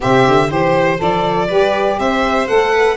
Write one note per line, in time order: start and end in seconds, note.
0.00 0.27 C3
0.00 0.48 C4
0.00 0.47 G4
0.00 0.51 E5
0.27 0.50 D3
0.47 1.00 E3
0.47 0.97 G4
0.47 1.47 C5
0.47 1.00 C5
0.97 1.50 F3
0.97 1.47 A4
0.97 1.99 D5
1.47 1.99 G3
1.47 2.46 G4
1.47 1.97 B4
1.99 2.48 C4
1.99 2.72 C5
1.99 2.47 E5
2.46 2.96 A3
2.46 2.96 A4
2.46 2.96 F#5
2.72 2.96 B4